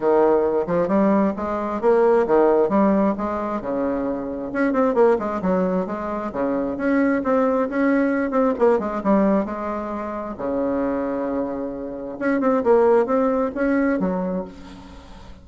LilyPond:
\new Staff \with { instrumentName = "bassoon" } { \time 4/4 \tempo 4 = 133 dis4. f8 g4 gis4 | ais4 dis4 g4 gis4 | cis2 cis'8 c'8 ais8 gis8 | fis4 gis4 cis4 cis'4 |
c'4 cis'4. c'8 ais8 gis8 | g4 gis2 cis4~ | cis2. cis'8 c'8 | ais4 c'4 cis'4 fis4 | }